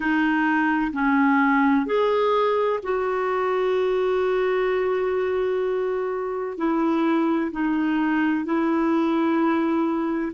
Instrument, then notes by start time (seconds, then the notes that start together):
clarinet
0.00 D#4
0.92 C#4
1.86 G#4
2.83 F#4
6.57 E4
7.51 D#4
8.44 E4